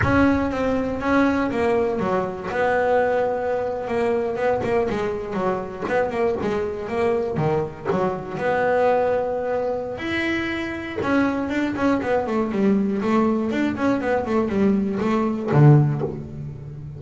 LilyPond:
\new Staff \with { instrumentName = "double bass" } { \time 4/4 \tempo 4 = 120 cis'4 c'4 cis'4 ais4 | fis4 b2~ b8. ais16~ | ais8. b8 ais8 gis4 fis4 b16~ | b16 ais8 gis4 ais4 dis4 fis16~ |
fis8. b2.~ b16 | e'2 cis'4 d'8 cis'8 | b8 a8 g4 a4 d'8 cis'8 | b8 a8 g4 a4 d4 | }